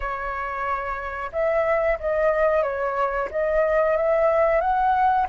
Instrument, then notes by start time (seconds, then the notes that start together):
flute
0.00 C#5
1.32 E5
1.99 D#5
2.62 C#5
3.30 D#5
3.97 E5
4.60 F#5